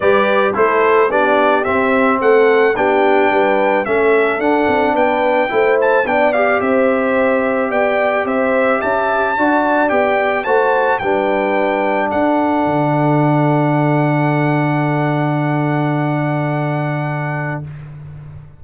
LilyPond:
<<
  \new Staff \with { instrumentName = "trumpet" } { \time 4/4 \tempo 4 = 109 d''4 c''4 d''4 e''4 | fis''4 g''2 e''4 | fis''4 g''4. a''8 g''8 f''8 | e''2 g''4 e''4 |
a''2 g''4 a''4 | g''2 fis''2~ | fis''1~ | fis''1 | }
  \new Staff \with { instrumentName = "horn" } { \time 4/4 b'4 a'4 g'2 | a'4 g'4 b'4 a'4~ | a'4 b'4 c''4 d''4 | c''2 d''4 c''4 |
e''4 d''2 c''4 | b'2 a'2~ | a'1~ | a'1 | }
  \new Staff \with { instrumentName = "trombone" } { \time 4/4 g'4 e'4 d'4 c'4~ | c'4 d'2 cis'4 | d'2 e'4 d'8 g'8~ | g'1~ |
g'4 fis'4 g'4 fis'4 | d'1~ | d'1~ | d'1 | }
  \new Staff \with { instrumentName = "tuba" } { \time 4/4 g4 a4 b4 c'4 | a4 b4 g4 a4 | d'8 c'8 b4 a4 b4 | c'2 b4 c'4 |
cis'4 d'4 b4 a4 | g2 d'4 d4~ | d1~ | d1 | }
>>